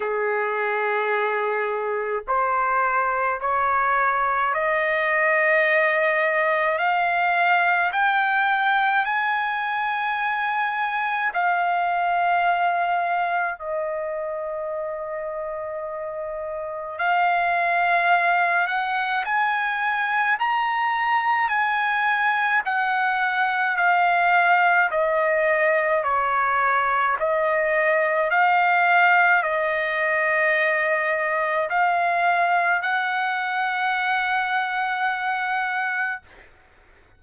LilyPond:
\new Staff \with { instrumentName = "trumpet" } { \time 4/4 \tempo 4 = 53 gis'2 c''4 cis''4 | dis''2 f''4 g''4 | gis''2 f''2 | dis''2. f''4~ |
f''8 fis''8 gis''4 ais''4 gis''4 | fis''4 f''4 dis''4 cis''4 | dis''4 f''4 dis''2 | f''4 fis''2. | }